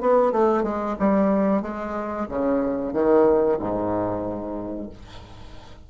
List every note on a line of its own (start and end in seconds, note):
0.00 0.32 B3
0.32 0.63 A3
0.63 0.96 G#3
0.99 1.62 G3
1.62 2.27 G#3
2.28 2.93 C#3
2.93 3.58 D#3
3.59 4.89 G#2